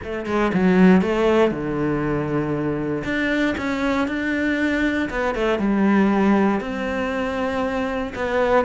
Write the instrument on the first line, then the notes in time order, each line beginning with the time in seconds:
cello
0.03 A3
0.26 G#3
0.53 F#3
1.01 A3
1.51 D3
3.04 D4
3.57 C#4
4.07 D4
5.10 B3
5.34 A3
5.58 G3
6.60 C4
8.15 B3